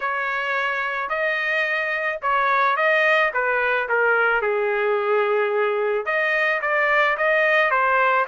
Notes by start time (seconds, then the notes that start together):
0.00 C#5
1.09 D#5
2.22 C#5
2.76 D#5
3.33 B4
3.89 A#4
4.41 G#4
6.05 D#5
6.61 D5
7.17 D#5
7.70 C5